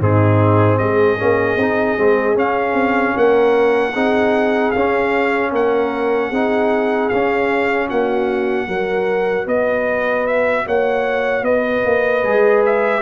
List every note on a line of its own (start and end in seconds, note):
0.00 0.79 G#2
0.00 1.18 C4
0.00 0.78 D#4
0.00 0.78 G#4
0.78 1.19 G#3
0.78 3.15 G#4
0.78 2.36 D#5
1.18 1.57 A#3
1.18 1.58 C#4
1.57 1.96 C4
1.57 1.98 D#4
1.98 2.35 G#3
1.98 2.35 C4
2.35 3.93 C#4
2.35 2.74 C#4
2.35 3.18 F5
2.74 3.13 C4
3.16 3.95 A#3
3.16 3.93 A#4
3.16 4.72 F#5
3.93 4.74 C4
3.93 4.75 D#4
3.93 5.51 G#4
4.72 5.52 C#4
4.72 6.33 C#4
4.72 5.50 F5
5.52 6.31 A#3
5.52 6.30 A#4
5.52 7.09 F#5
6.30 7.10 C4
6.30 7.12 D#4
6.30 7.88 G#4
7.09 7.91 C#4
7.09 8.69 C#4
7.09 7.88 F5
7.88 8.68 A#3
7.88 8.67 F#4
7.88 9.48 F#5
8.68 9.47 F#3
8.68 12.24 F#4
8.68 9.47 A#4
9.47 10.65 B3
9.47 10.65 B4
9.47 10.27 D#5
10.27 10.67 E5
10.66 11.42 A#3
10.66 11.45 C#5
10.66 11.44 F#5
11.42 11.82 B3
11.42 13.02 B4
11.42 12.63 D#5
11.85 12.24 A#3
12.24 13.02 G#3
12.24 13.02 G#4
12.66 13.02 E5